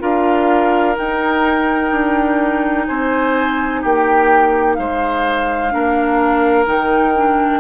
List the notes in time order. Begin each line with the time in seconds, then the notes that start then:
0.00 D4 F4 A#4 F5
0.95 D#4 G5
1.91 D4
2.86 C4 C5 G#5
3.81 A#3 G4 G5
4.74 G#3 C5 F5
5.71 A#3 D4 A#4
6.65 D#3 D#4 G5
7.15 D4